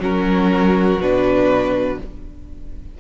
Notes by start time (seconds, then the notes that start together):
0.00 F#3 C#4 F#4 A#4
0.99 B2 D4 B4